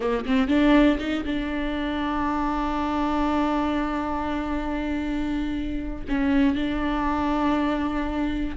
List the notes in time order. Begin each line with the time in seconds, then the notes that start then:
0.00 A#3
0.25 C4
0.47 D4
0.98 D#4
1.25 D4
6.08 C#4
6.55 D4